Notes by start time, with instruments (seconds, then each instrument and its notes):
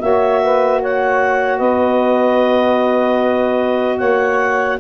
0.00 tuba A#3, saxophone F#4 C#5, clarinet E5
0.43 saxophone B4
0.81 saxophone C#5, clarinet F#5
1.58 tuba B3, saxophone B4, clarinet D#5
3.98 tuba A#3, saxophone C#5, clarinet F#5